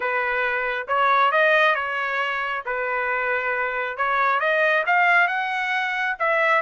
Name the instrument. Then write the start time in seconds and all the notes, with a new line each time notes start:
trumpet
0.00 B4
0.87 C#5
1.31 D#5
1.75 C#5
2.65 B4
3.97 C#5
4.40 D#5
4.86 F5
5.27 F#5
6.19 E5